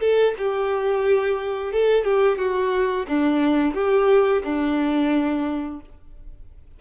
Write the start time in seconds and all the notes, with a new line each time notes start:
0.00 A4
0.38 G4
1.72 A4
2.04 G4
2.37 F#4
3.07 D4
3.74 G4
4.43 D4